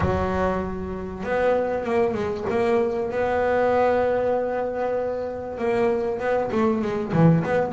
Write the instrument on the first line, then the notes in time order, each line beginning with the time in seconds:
double bass
0.00 F#3
1.23 B3
1.84 A#3
2.14 G#3
2.49 A#3
3.11 B3
5.58 A#3
6.19 B3
6.51 A3
6.81 G#3
7.12 E3
7.44 B3